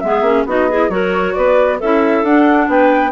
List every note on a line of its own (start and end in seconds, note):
0.00 0.22 G#3
0.00 0.25 B3
0.00 0.47 G#4
0.00 0.44 E5
0.22 0.44 A#3
0.22 0.47 C#4
0.46 0.89 B3
0.46 0.70 D#4
0.46 0.69 F#4
0.46 0.91 D#5
0.69 0.91 E4
0.69 0.91 G#4
0.89 1.34 F#3
0.89 1.80 F#4
0.89 1.35 A#4
0.89 1.35 C#5
1.35 1.82 B3
1.35 1.79 B4
1.35 1.79 D5
1.79 2.23 C#4
1.79 2.25 E4
1.79 2.68 A4
1.79 2.25 E5
2.23 2.68 D4
2.23 3.12 D4
2.23 2.70 F#5
2.68 3.12 B3
2.68 3.12 B4
2.68 3.12 G5